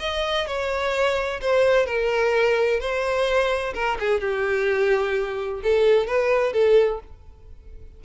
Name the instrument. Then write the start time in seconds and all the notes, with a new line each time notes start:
violin
0.00 D#5
0.47 C#5
1.41 C5
1.86 A#4
2.80 C5
3.75 A#4
4.00 G#4
4.21 G4
5.64 A4
6.07 B4
6.53 A4